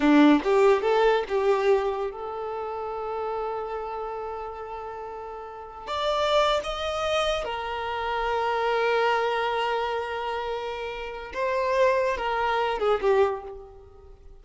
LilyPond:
\new Staff \with { instrumentName = "violin" } { \time 4/4 \tempo 4 = 143 d'4 g'4 a'4 g'4~ | g'4 a'2.~ | a'1~ | a'2 d''4.~ d''16 dis''16~ |
dis''4.~ dis''16 ais'2~ ais'16~ | ais'1~ | ais'2. c''4~ | c''4 ais'4. gis'8 g'4 | }